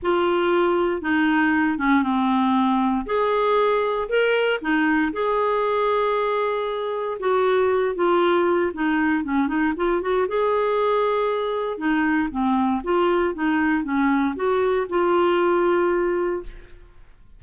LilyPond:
\new Staff \with { instrumentName = "clarinet" } { \time 4/4 \tempo 4 = 117 f'2 dis'4. cis'8 | c'2 gis'2 | ais'4 dis'4 gis'2~ | gis'2 fis'4. f'8~ |
f'4 dis'4 cis'8 dis'8 f'8 fis'8 | gis'2. dis'4 | c'4 f'4 dis'4 cis'4 | fis'4 f'2. | }